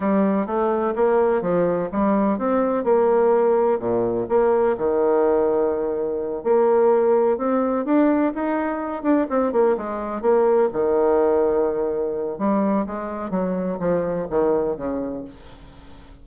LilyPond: \new Staff \with { instrumentName = "bassoon" } { \time 4/4 \tempo 4 = 126 g4 a4 ais4 f4 | g4 c'4 ais2 | ais,4 ais4 dis2~ | dis4. ais2 c'8~ |
c'8 d'4 dis'4. d'8 c'8 | ais8 gis4 ais4 dis4.~ | dis2 g4 gis4 | fis4 f4 dis4 cis4 | }